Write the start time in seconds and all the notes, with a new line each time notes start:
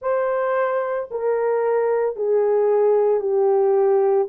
0.01 C5
1.11 A#4
2.15 G#4
3.20 G4